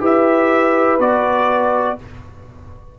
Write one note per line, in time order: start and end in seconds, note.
0.00 0.99 E4
0.00 0.98 G4
0.00 1.98 B4
0.00 1.00 E5
0.99 1.98 B3
0.99 1.98 F#4
0.99 1.99 D5